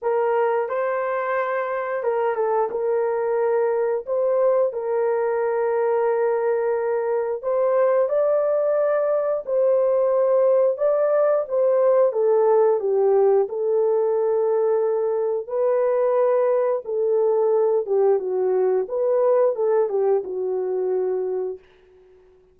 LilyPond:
\new Staff \with { instrumentName = "horn" } { \time 4/4 \tempo 4 = 89 ais'4 c''2 ais'8 a'8 | ais'2 c''4 ais'4~ | ais'2. c''4 | d''2 c''2 |
d''4 c''4 a'4 g'4 | a'2. b'4~ | b'4 a'4. g'8 fis'4 | b'4 a'8 g'8 fis'2 | }